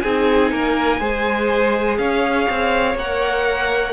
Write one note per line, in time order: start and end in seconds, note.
0.00 0.51 C4
0.00 1.00 D#4
0.00 0.52 G#4
0.00 1.97 G#5
0.51 1.00 A#3
0.51 0.99 A#4
0.99 1.98 G#3
0.99 2.97 G#4
0.99 1.98 C5
1.98 2.47 C#4
1.98 3.92 C#5
1.98 2.96 F5
2.49 2.94 C4
2.94 3.92 A#3
2.94 3.92 A#4
2.94 3.92 F#5